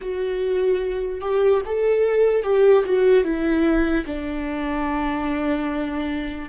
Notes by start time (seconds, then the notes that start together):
0.01 F#4
1.20 G4
1.65 A4
2.43 G4
2.85 F#4
3.24 E4
4.05 D4